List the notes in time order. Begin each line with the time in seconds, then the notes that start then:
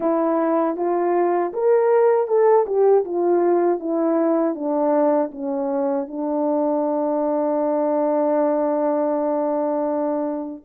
0.00 E4
0.76 F4
1.53 A#4
2.27 A4
2.66 G4
3.04 F4
3.79 E4
4.54 D4
5.31 C#4
6.07 D4